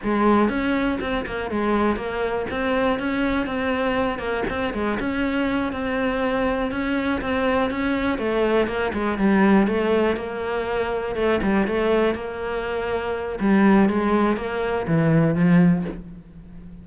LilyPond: \new Staff \with { instrumentName = "cello" } { \time 4/4 \tempo 4 = 121 gis4 cis'4 c'8 ais8 gis4 | ais4 c'4 cis'4 c'4~ | c'8 ais8 c'8 gis8 cis'4. c'8~ | c'4. cis'4 c'4 cis'8~ |
cis'8 a4 ais8 gis8 g4 a8~ | a8 ais2 a8 g8 a8~ | a8 ais2~ ais8 g4 | gis4 ais4 e4 f4 | }